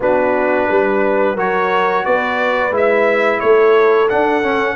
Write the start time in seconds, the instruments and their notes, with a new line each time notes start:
0.00 tuba B3, trombone D4, horn F#4, trumpet B4
0.68 tuba G3, horn B4
1.35 tuba F#3, trombone F#4, horn A#4, trumpet C#5
2.05 tuba B3, horn B4, trumpet D5
2.70 tuba G#3, trombone E4, trumpet E5
3.40 tuba A3, horn A4, trumpet C#5
4.09 trombone D4, tuba D4, trumpet F#5
4.42 tuba C#4, trombone C#4